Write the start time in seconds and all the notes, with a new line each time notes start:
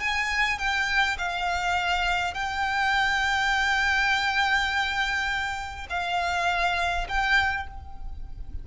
0.00 G#5
0.59 G5
1.18 F5
2.34 G5
5.90 F5
7.09 G5